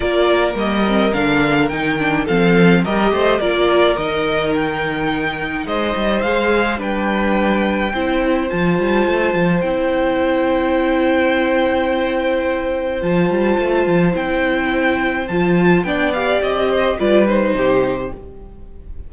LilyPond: <<
  \new Staff \with { instrumentName = "violin" } { \time 4/4 \tempo 4 = 106 d''4 dis''4 f''4 g''4 | f''4 dis''4 d''4 dis''4 | g''2 dis''4 f''4 | g''2. a''4~ |
a''4 g''2.~ | g''2. a''4~ | a''4 g''2 a''4 | g''8 f''8 dis''4 d''8 c''4. | }
  \new Staff \with { instrumentName = "violin" } { \time 4/4 ais'1 | a'4 ais'8 c''8 ais'2~ | ais'2 c''2 | b'2 c''2~ |
c''1~ | c''1~ | c''1 | d''4. c''8 b'4 g'4 | }
  \new Staff \with { instrumentName = "viola" } { \time 4/4 f'4 ais8 c'8 d'4 dis'8 d'8 | c'4 g'4 f'4 dis'4~ | dis'2. gis'4 | d'2 e'4 f'4~ |
f'4 e'2.~ | e'2. f'4~ | f'4 e'2 f'4 | d'8 g'4. f'8 dis'4. | }
  \new Staff \with { instrumentName = "cello" } { \time 4/4 ais4 g4 d4 dis4 | f4 g8 a8 ais4 dis4~ | dis2 gis8 g8 gis4 | g2 c'4 f8 g8 |
a8 f8 c'2.~ | c'2. f8 g8 | a8 f8 c'2 f4 | b4 c'4 g4 c4 | }
>>